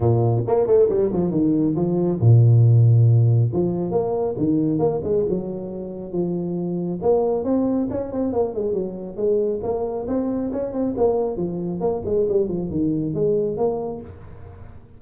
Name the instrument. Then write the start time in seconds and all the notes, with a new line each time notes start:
tuba
0.00 A#2
0.47 A#3
0.66 A3
0.89 G3
1.12 F3
1.31 D#3
1.75 F3
2.20 A#2
3.52 F3
3.91 A#3
4.37 D#3
4.79 A#3
5.03 G#3
5.29 F#3
6.11 F3
7.02 A#3
7.44 C4
7.90 C#4
8.11 C4
8.33 A#3
8.54 G#3
8.73 F#3
9.16 G#3
9.63 A#3
10.07 C4
10.52 C#4
10.72 C4
10.97 A#3
11.36 F3
11.80 A#3
12.05 G#3
12.28 G3
12.48 F3
12.70 D#3
13.14 G#3
13.57 A#3